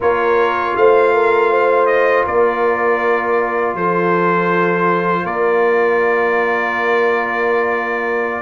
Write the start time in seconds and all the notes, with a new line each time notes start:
0.00 A#3 F4 A#4 C#5
0.76 A3 C5 F5
1.13 A#4
1.50 C5
1.86 D#5
2.24 A#3 A#4 D5
3.74 F3 A4 C5
5.23 A#3 A#4 D5